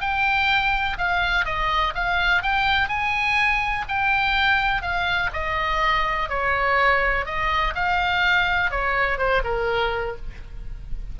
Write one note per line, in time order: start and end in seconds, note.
0.00 0.97 G5
0.97 1.45 F5
1.45 1.93 D#5
1.94 2.42 F5
2.42 2.88 G5
2.88 3.85 G#5
3.88 4.81 G5
4.81 5.30 F5
5.32 6.29 D#5
6.29 7.25 C#5
7.25 7.74 D#5
7.74 8.70 F5
8.70 9.17 C#5
9.17 9.42 C5
9.43 10.16 A#4